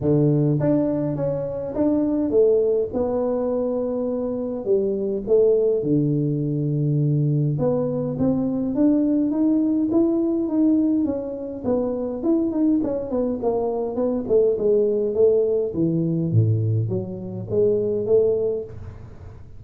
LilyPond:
\new Staff \with { instrumentName = "tuba" } { \time 4/4 \tempo 4 = 103 d4 d'4 cis'4 d'4 | a4 b2. | g4 a4 d2~ | d4 b4 c'4 d'4 |
dis'4 e'4 dis'4 cis'4 | b4 e'8 dis'8 cis'8 b8 ais4 | b8 a8 gis4 a4 e4 | a,4 fis4 gis4 a4 | }